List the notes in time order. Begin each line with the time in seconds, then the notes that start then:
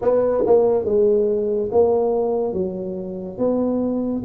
0.01 B3
0.46 A#3
0.85 G#3
1.71 A#3
2.53 F#3
3.38 B3